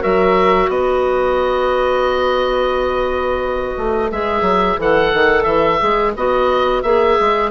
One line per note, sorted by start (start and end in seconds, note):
0.00 0.69 F#3
0.00 4.09 F#4
0.00 0.69 A#4
0.00 0.70 E5
0.69 3.76 B3
0.69 7.51 B4
0.69 4.11 D#5
3.78 4.11 A3
4.11 4.42 G#3
4.11 4.79 G#4
4.11 4.80 E5
4.42 4.76 F#3
4.79 5.13 E3
4.79 5.79 A4
4.79 5.43 F#5
5.14 5.45 D#3
5.43 5.79 E3
5.43 6.12 E5
5.79 6.16 G#3
5.79 6.13 G#4
6.16 6.83 B3
6.16 6.84 F#4
6.16 6.83 D#5
6.83 7.17 A#3
6.83 7.51 G#4
6.83 7.51 E5
7.20 7.51 G#3